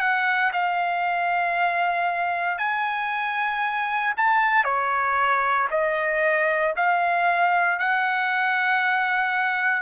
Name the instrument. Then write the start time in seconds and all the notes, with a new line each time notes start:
trumpet
0.00 F#5
0.53 F5
2.58 G#5
4.17 A5
4.65 C#5
5.71 D#5
6.76 F5
7.79 F#5